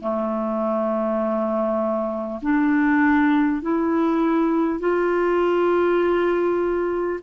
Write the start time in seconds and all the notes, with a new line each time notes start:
0.00 A3
2.42 D4
3.62 E4
4.79 F4